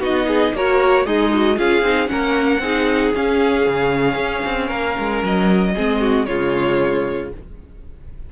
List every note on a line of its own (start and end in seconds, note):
0.00 0.52 B3
0.00 0.54 D#4
0.00 0.26 F#4
0.00 0.56 D#5
0.27 0.53 G#4
0.54 1.06 A#3
0.54 1.06 F#4
0.54 1.06 A#4
0.54 1.06 C#5
1.06 1.58 G#3
1.06 1.57 D#4
1.06 1.32 G#4
1.06 1.58 D#5
1.34 1.57 F#4
1.57 1.82 C#4
1.57 1.84 F4
1.57 2.10 G#4
1.57 2.08 F5
1.82 2.08 C4
1.82 2.07 D#4
2.07 2.59 A#3
2.07 2.60 C#4
2.07 2.62 A#4
2.07 3.12 F#5
2.59 3.11 C4
2.59 3.14 D#4
2.59 4.67 G#4
3.14 5.75 C#4
3.14 3.67 C#4
3.14 5.24 F5
3.67 4.15 C#3
4.15 4.41 C#4
4.45 4.71 C4
4.67 4.97 A#3
4.67 5.72 A#4
4.99 5.23 G#3
5.23 5.75 F#3
5.23 6.26 D#5
5.75 6.27 G#3
5.75 6.27 C4
5.75 6.01 G#4
6.01 6.27 F#4
6.26 7.32 C#3
6.26 7.32 G#3
6.26 7.32 F4
6.26 7.30 C#5